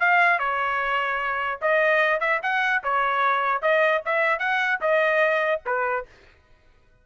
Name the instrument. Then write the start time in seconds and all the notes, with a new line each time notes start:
trumpet
0.00 F5
0.39 C#5
1.62 D#5
2.21 E5
2.43 F#5
2.84 C#5
3.62 D#5
4.06 E5
4.39 F#5
4.81 D#5
5.66 B4